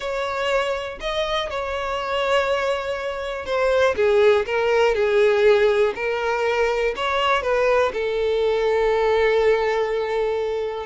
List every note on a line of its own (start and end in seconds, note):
0.00 0.98 C#5
1.00 1.49 D#5
1.50 3.45 C#5
3.45 3.95 C5
3.96 4.45 G#4
4.46 4.94 A#4
4.94 5.93 G#4
5.95 6.94 A#4
6.96 7.42 C#5
7.42 7.92 B4
7.93 10.86 A4